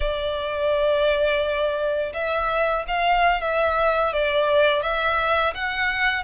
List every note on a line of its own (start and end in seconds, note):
0.00 2.12 D5
2.13 2.85 E5
2.87 3.41 F5
3.41 4.12 E5
4.12 4.82 D5
4.82 5.54 E5
5.54 6.24 F#5